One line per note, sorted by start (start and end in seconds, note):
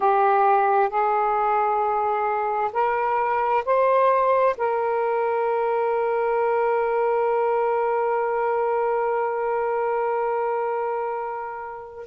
0.00 0.89 G4
0.89 2.71 G#4
2.73 3.64 A#4
3.65 4.56 C5
4.57 12.06 A#4